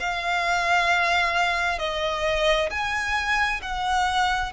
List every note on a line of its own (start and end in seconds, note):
0.00 1.79 F5
1.79 2.70 D#5
2.70 3.61 G#5
3.62 4.52 F#5